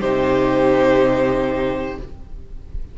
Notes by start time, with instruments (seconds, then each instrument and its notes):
0.00 cello C3, viola D#4, violin G4 C5